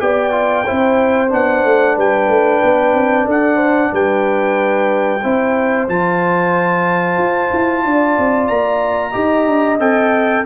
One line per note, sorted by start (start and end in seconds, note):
0.00 0.66 B3
0.00 0.32 G4
0.00 0.66 D5
0.00 1.31 G5
0.32 0.65 F4
0.66 1.32 C4
0.66 1.29 E4
0.66 1.96 C5
1.29 1.65 B3
1.29 5.20 D4
1.29 1.98 F#5
1.65 1.97 A3
1.96 2.28 G3
1.96 3.26 B4
1.96 3.30 G5
2.28 2.61 A3
2.63 2.94 B3
2.94 3.26 C4
3.26 3.92 D4
3.26 3.56 A4
3.26 3.95 F#5
3.56 3.89 C5
3.92 5.23 G3
3.92 5.23 B4
3.92 5.89 G5
5.23 5.88 C4
5.23 5.89 E4
5.23 7.84 C5
5.88 7.18 F3
5.88 9.13 F4
5.88 8.48 A5
7.18 7.51 F4
7.53 7.85 E4
7.85 8.18 D4
7.85 9.11 D5
8.18 8.49 C4
8.48 9.15 A#3
8.48 9.78 A#5
9.11 9.47 D#4
9.11 9.78 G4
9.11 10.42 D#5
9.47 9.79 D4
9.79 10.45 C4
9.79 10.45 A4
9.79 10.45 G5